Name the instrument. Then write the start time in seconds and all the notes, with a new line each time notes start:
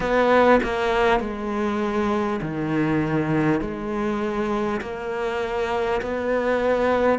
cello
0.00 B3
0.63 A#3
1.20 G#3
2.41 D#3
3.61 G#3
4.81 A#3
6.01 B3